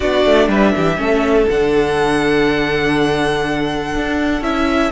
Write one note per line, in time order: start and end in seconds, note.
0.00 0.25 B3
0.00 0.96 D4
0.00 0.48 F#4
0.00 0.48 D5
0.25 0.48 A3
0.48 0.72 G3
0.48 0.73 B4
0.48 1.48 E5
0.75 0.98 E3
0.75 1.00 G4
0.96 1.47 A3
0.96 1.46 C#4
0.96 4.91 A4
1.48 3.95 D3
1.48 4.42 D4
1.48 4.42 F#5
3.96 4.41 D4
4.41 4.90 C#4
4.41 4.91 E4
4.41 4.91 E5